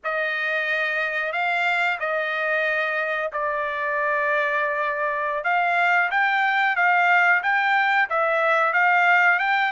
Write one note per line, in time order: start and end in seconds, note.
0.03 1.32 D#5
1.32 1.98 F5
1.99 3.31 D#5
3.32 5.44 D5
5.44 6.10 F5
6.10 6.76 G5
6.76 7.42 F5
7.42 8.08 G5
8.09 8.73 E5
8.73 9.39 F5
9.39 9.72 G5